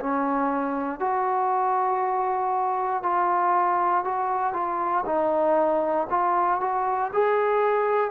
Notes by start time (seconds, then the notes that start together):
0.00 C#4
0.99 F#4
3.03 F4
4.04 F#4
4.53 F4
5.05 D#4
6.10 F4
6.60 F#4
7.13 G#4